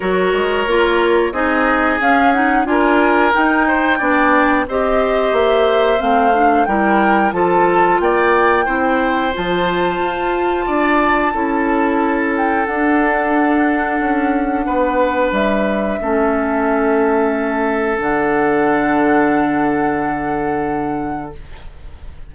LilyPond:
<<
  \new Staff \with { instrumentName = "flute" } { \time 4/4 \tempo 4 = 90 cis''2 dis''4 f''8 fis''8 | gis''4 g''2 dis''4 | e''4 f''4 g''4 a''4 | g''2 a''2~ |
a''2~ a''8 g''8 fis''4~ | fis''2. e''4~ | e''2. fis''4~ | fis''1 | }
  \new Staff \with { instrumentName = "oboe" } { \time 4/4 ais'2 gis'2 | ais'4. c''8 d''4 c''4~ | c''2 ais'4 a'4 | d''4 c''2. |
d''4 a'2.~ | a'2 b'2 | a'1~ | a'1 | }
  \new Staff \with { instrumentName = "clarinet" } { \time 4/4 fis'4 f'4 dis'4 cis'8 dis'8 | f'4 dis'4 d'4 g'4~ | g'4 c'8 d'8 e'4 f'4~ | f'4 e'4 f'2~ |
f'4 e'2 d'4~ | d'1 | cis'2. d'4~ | d'1 | }
  \new Staff \with { instrumentName = "bassoon" } { \time 4/4 fis8 gis8 ais4 c'4 cis'4 | d'4 dis'4 b4 c'4 | ais4 a4 g4 f4 | ais4 c'4 f4 f'4 |
d'4 cis'2 d'4~ | d'4 cis'4 b4 g4 | a2. d4~ | d1 | }
>>